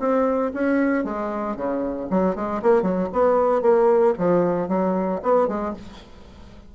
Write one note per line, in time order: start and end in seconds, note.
0.00 0.52 C4
0.54 1.05 C#4
1.05 1.57 G#3
1.57 2.09 C#3
2.11 2.36 F#3
2.36 2.62 G#3
2.63 2.83 A#3
2.83 3.09 F#3
3.13 3.62 B3
3.62 4.14 A#3
4.19 4.69 F3
4.69 5.21 F#3
5.23 5.48 B3
5.48 5.74 G#3